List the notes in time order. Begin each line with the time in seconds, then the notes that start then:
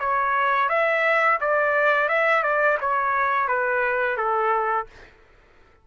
0.00 C#5
0.69 E5
1.41 D5
2.09 E5
2.43 D5
2.81 C#5
3.48 B4
4.17 A4